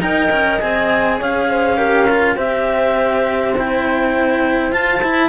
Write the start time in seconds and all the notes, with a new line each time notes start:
0.00 D#4 A#4 D#5 G5
0.31 C#4
0.60 C4 G#4 G#5
1.19 C#4 C#5 F5
1.49 C5
1.77 G4 A#4
2.10 F4
2.35 C4 G4 C5 E5
3.58 E4 G5
4.72 F4 A5
5.02 E4